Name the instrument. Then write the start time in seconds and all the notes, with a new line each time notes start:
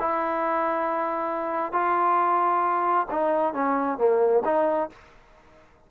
trombone
0.00 E4
1.73 F4
3.11 D#4
3.54 C#4
3.99 A#3
4.45 D#4